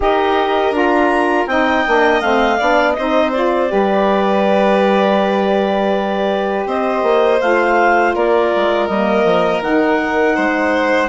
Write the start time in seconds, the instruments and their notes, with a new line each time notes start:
0.00 bassoon D#4, saxophone G4, violin A#4, clarinet D#5
0.71 bassoon D4, saxophone F4, clarinet A#5
1.46 bassoon C4, saxophone D#4, violin D#5, clarinet G5
1.86 bassoon A#3, saxophone D4
2.20 bassoon A3, saxophone C4, clarinet F5
2.59 bassoon B3, saxophone D4, violin D5
2.93 bassoon C4, saxophone D#4, violin C5, clarinet D#5
3.32 saxophone F4, clarinet D5
3.68 bassoon G3, saxophone G4, violin B4
6.66 bassoon C4, violin C5, clarinet D#5
7.02 bassoon A#3
7.40 bassoon A3, saxophone F4, clarinet F5
8.14 bassoon A#3, violin A#4, clarinet D5
8.56 bassoon G#3
8.87 bassoon G3, saxophone A#3, clarinet D#5
9.24 bassoon F3
9.60 bassoon D#3, saxophone D#4, clarinet F#5
10.35 bassoon G#3, violin C5